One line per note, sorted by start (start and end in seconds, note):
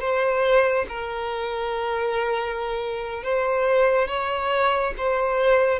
0.00 0.86 C5
0.88 3.23 A#4
3.23 4.08 C5
4.08 4.94 C#5
4.97 5.79 C5